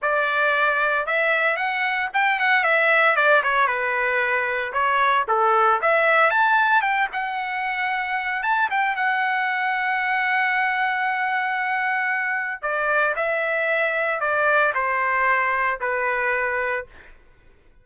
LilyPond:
\new Staff \with { instrumentName = "trumpet" } { \time 4/4 \tempo 4 = 114 d''2 e''4 fis''4 | g''8 fis''8 e''4 d''8 cis''8 b'4~ | b'4 cis''4 a'4 e''4 | a''4 g''8 fis''2~ fis''8 |
a''8 g''8 fis''2.~ | fis''1 | d''4 e''2 d''4 | c''2 b'2 | }